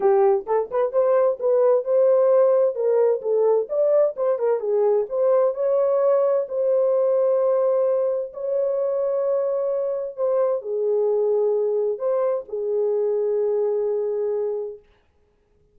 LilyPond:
\new Staff \with { instrumentName = "horn" } { \time 4/4 \tempo 4 = 130 g'4 a'8 b'8 c''4 b'4 | c''2 ais'4 a'4 | d''4 c''8 ais'8 gis'4 c''4 | cis''2 c''2~ |
c''2 cis''2~ | cis''2 c''4 gis'4~ | gis'2 c''4 gis'4~ | gis'1 | }